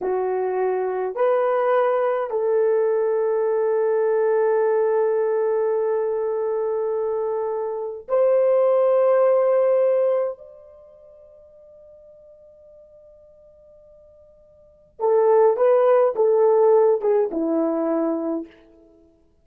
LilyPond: \new Staff \with { instrumentName = "horn" } { \time 4/4 \tempo 4 = 104 fis'2 b'2 | a'1~ | a'1~ | a'2 c''2~ |
c''2 d''2~ | d''1~ | d''2 a'4 b'4 | a'4. gis'8 e'2 | }